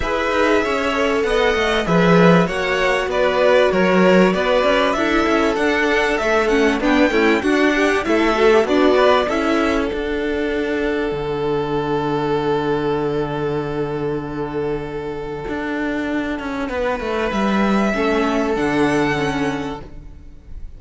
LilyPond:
<<
  \new Staff \with { instrumentName = "violin" } { \time 4/4 \tempo 4 = 97 e''2 fis''4 e''4 | fis''4 d''4 cis''4 d''4 | e''4 fis''4 e''8 fis''8 g''4 | fis''4 e''4 d''4 e''4 |
fis''1~ | fis''1~ | fis''1 | e''2 fis''2 | }
  \new Staff \with { instrumentName = "violin" } { \time 4/4 b'4 cis''4 dis''4 b'4 | cis''4 b'4 ais'4 b'4 | a'2. d'8 e'8 | fis'8 g'8 a'4 d'8 b'8 a'4~ |
a'1~ | a'1~ | a'2. b'4~ | b'4 a'2. | }
  \new Staff \with { instrumentName = "viola" } { \time 4/4 gis'4. a'4~ a'16 b'16 gis'4 | fis'1 | e'4 d'4 a8 cis'8 b8 a8 | d'4 e'8 fis'16 g'16 fis'4 e'4 |
d'1~ | d'1~ | d'1~ | d'4 cis'4 d'4 cis'4 | }
  \new Staff \with { instrumentName = "cello" } { \time 4/4 e'8 dis'8 cis'4 b8 a8 f4 | ais4 b4 fis4 b8 cis'8 | d'8 cis'8 d'4 a4 b8 cis'8 | d'4 a4 b4 cis'4 |
d'2 d2~ | d1~ | d4 d'4. cis'8 b8 a8 | g4 a4 d2 | }
>>